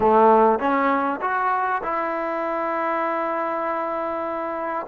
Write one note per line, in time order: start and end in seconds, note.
0.00 0.59 A3
0.59 1.20 C#4
1.21 1.82 F#4
1.83 4.86 E4